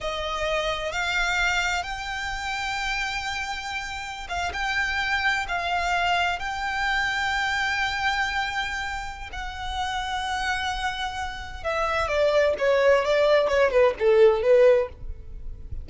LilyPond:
\new Staff \with { instrumentName = "violin" } { \time 4/4 \tempo 4 = 129 dis''2 f''2 | g''1~ | g''4~ g''16 f''8 g''2 f''16~ | f''4.~ f''16 g''2~ g''16~ |
g''1 | fis''1~ | fis''4 e''4 d''4 cis''4 | d''4 cis''8 b'8 a'4 b'4 | }